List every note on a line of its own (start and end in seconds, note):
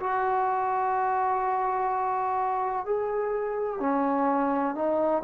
0.00 2.85 F#4
2.85 3.80 G#4
3.80 4.75 C#4
4.75 5.23 D#4